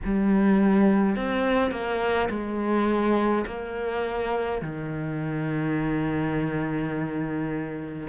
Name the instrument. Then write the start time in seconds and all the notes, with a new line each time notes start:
cello
0.04 G3
1.15 C4
1.70 A#3
2.29 G#3
3.46 A#3
4.62 D#3